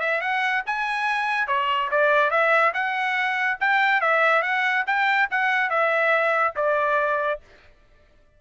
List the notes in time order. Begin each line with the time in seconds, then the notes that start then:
0.00 E5
0.21 F#5
0.66 G#5
1.48 C#5
1.91 D5
2.30 E5
2.74 F#5
3.60 G5
4.01 E5
4.42 F#5
4.87 G5
5.31 F#5
5.70 E5
6.56 D5